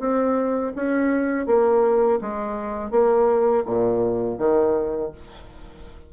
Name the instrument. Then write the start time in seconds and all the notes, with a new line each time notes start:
bassoon
0.00 C4
0.76 C#4
1.47 A#3
2.22 G#3
2.91 A#3
3.66 A#2
4.39 D#3